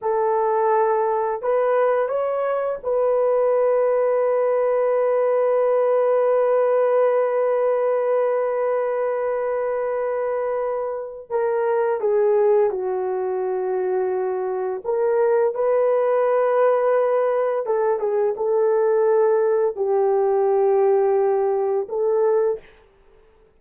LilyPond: \new Staff \with { instrumentName = "horn" } { \time 4/4 \tempo 4 = 85 a'2 b'4 cis''4 | b'1~ | b'1~ | b'1 |
ais'4 gis'4 fis'2~ | fis'4 ais'4 b'2~ | b'4 a'8 gis'8 a'2 | g'2. a'4 | }